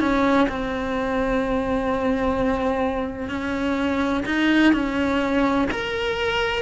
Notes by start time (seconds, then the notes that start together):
0.00 C#4
0.49 C4
3.29 C#4
4.26 D#4
4.73 C#4
5.71 A#4